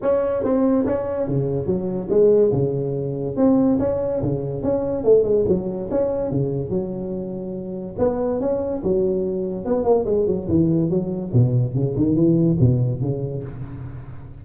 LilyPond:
\new Staff \with { instrumentName = "tuba" } { \time 4/4 \tempo 4 = 143 cis'4 c'4 cis'4 cis4 | fis4 gis4 cis2 | c'4 cis'4 cis4 cis'4 | a8 gis8 fis4 cis'4 cis4 |
fis2. b4 | cis'4 fis2 b8 ais8 | gis8 fis8 e4 fis4 b,4 | cis8 dis8 e4 b,4 cis4 | }